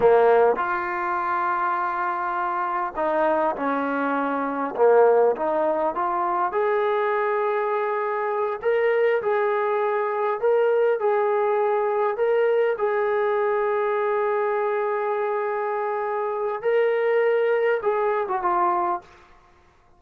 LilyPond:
\new Staff \with { instrumentName = "trombone" } { \time 4/4 \tempo 4 = 101 ais4 f'2.~ | f'4 dis'4 cis'2 | ais4 dis'4 f'4 gis'4~ | gis'2~ gis'8 ais'4 gis'8~ |
gis'4. ais'4 gis'4.~ | gis'8 ais'4 gis'2~ gis'8~ | gis'1 | ais'2 gis'8. fis'16 f'4 | }